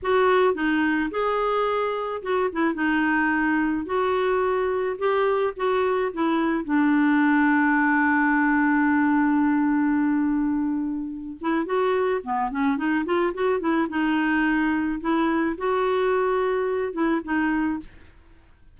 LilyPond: \new Staff \with { instrumentName = "clarinet" } { \time 4/4 \tempo 4 = 108 fis'4 dis'4 gis'2 | fis'8 e'8 dis'2 fis'4~ | fis'4 g'4 fis'4 e'4 | d'1~ |
d'1~ | d'8 e'8 fis'4 b8 cis'8 dis'8 f'8 | fis'8 e'8 dis'2 e'4 | fis'2~ fis'8 e'8 dis'4 | }